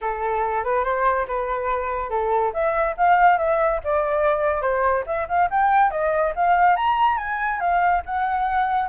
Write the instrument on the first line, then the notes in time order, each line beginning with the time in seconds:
flute
0.01 A4
0.63 B4
0.84 C5
1.27 B4
2.10 A4
2.53 E5
2.97 F5
3.38 E5
3.84 D5
4.61 C5
5.06 E5
5.28 F5
5.50 G5
5.91 D#5
6.35 F5
6.75 A#5
7.17 G#5
7.60 F5
8.05 F#5